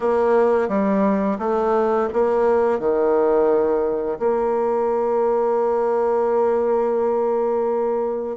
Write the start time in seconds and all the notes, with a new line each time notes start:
0.00 A#3
0.68 G3
1.39 A3
2.13 A#3
2.79 D#3
4.19 A#3